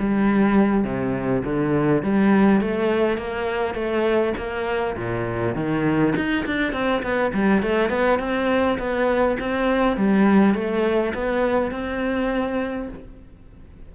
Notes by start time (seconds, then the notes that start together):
0.00 G3
0.84 C3
1.44 D3
2.03 G3
2.61 A3
3.18 A#3
3.75 A3
4.38 A#3
4.97 A#2
5.56 D#3
6.16 D#4
6.46 D4
6.74 C4
7.03 B3
7.34 G3
7.63 A3
7.90 B3
8.20 C4
8.79 B3
9.40 C4
9.97 G3
10.55 A3
11.14 B3
11.72 C4